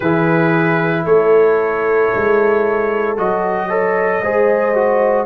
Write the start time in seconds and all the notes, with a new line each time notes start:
0.00 E3 E4 G#4 B4
1.04 A3 A4 C#5
2.15 G#3
3.17 F#3 F#4 D#5
3.68 A4 C#5
4.22 G#3 G#4 C5
4.74 F#4